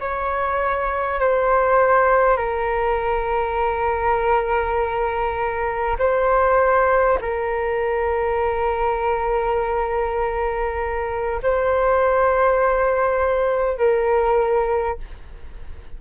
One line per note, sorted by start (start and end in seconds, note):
0.00 1.20 C#5
1.20 2.37 C5
2.37 5.97 A#4
5.99 7.19 C5
7.21 11.41 A#4
11.43 13.78 C5
13.78 14.98 A#4